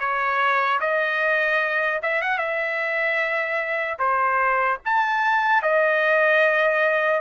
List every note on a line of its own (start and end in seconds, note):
0.00 0.80 C#5
0.81 2.01 D#5
2.03 2.22 E5
2.22 2.38 F#5
2.38 3.98 E5
3.99 4.79 C5
4.86 5.63 A5
5.63 7.21 D#5